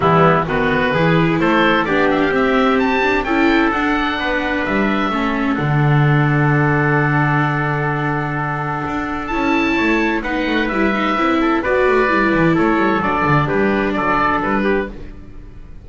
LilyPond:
<<
  \new Staff \with { instrumentName = "oboe" } { \time 4/4 \tempo 4 = 129 e'4 b'2 c''4 | d''8 e''16 f''16 e''4 a''4 g''4 | fis''2 e''2 | fis''1~ |
fis''1 | a''2 fis''4 e''4~ | e''4 d''2 cis''4 | d''4 b'4 d''4 b'4 | }
  \new Staff \with { instrumentName = "trumpet" } { \time 4/4 b4 fis'4 gis'4 a'4 | g'2. a'4~ | a'4 b'2 a'4~ | a'1~ |
a'1~ | a'4 cis''4 b'2~ | b'8 a'8 b'2 a'4~ | a'4 g'4 a'4. g'8 | }
  \new Staff \with { instrumentName = "viola" } { \time 4/4 g4 b4 e'2 | d'4 c'4. d'8 e'4 | d'2. cis'4 | d'1~ |
d'1 | e'2 dis'4 e'8 dis'8 | e'4 fis'4 e'2 | d'1 | }
  \new Staff \with { instrumentName = "double bass" } { \time 4/4 e4 dis4 e4 a4 | b4 c'2 cis'4 | d'4 b4 g4 a4 | d1~ |
d2. d'4 | cis'4 a4 b8 a8 g4 | c'4 b8 a8 g8 e8 a8 g8 | fis8 d8 g4 fis4 g4 | }
>>